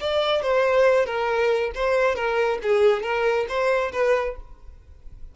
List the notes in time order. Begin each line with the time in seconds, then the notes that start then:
0.00 D5
0.42 C5
1.06 A#4
1.75 C5
2.15 A#4
2.62 G#4
3.02 A#4
3.48 C5
3.92 B4